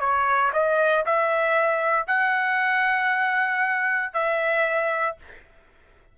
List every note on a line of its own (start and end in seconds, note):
0.00 0.52 C#5
0.53 1.05 D#5
1.06 2.07 E5
2.07 4.13 F#5
4.13 5.17 E5